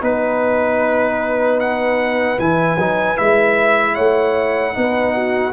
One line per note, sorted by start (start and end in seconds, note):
0.00 2.38 B3
0.00 2.37 D#4
0.00 1.60 B4
0.00 3.93 B4
1.60 2.38 F#5
2.37 2.77 E3
2.37 2.77 E4
2.37 3.17 G#5
2.77 3.16 F#3
2.77 3.16 D#4
3.16 3.97 G#3
3.16 4.73 E4
3.16 3.94 E5
3.93 4.76 A3
3.93 4.72 C#5
3.93 5.52 F#5
4.73 5.52 B3
4.73 5.52 D#4
4.73 5.14 B4
5.14 5.52 F#4